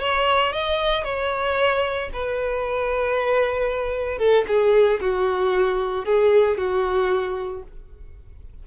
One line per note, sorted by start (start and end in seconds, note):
0.00 0.52 C#5
0.52 1.04 D#5
1.04 2.09 C#5
2.13 4.18 B4
4.18 4.44 A4
4.47 5.00 G#4
5.00 6.05 F#4
6.05 6.57 G#4
6.57 7.62 F#4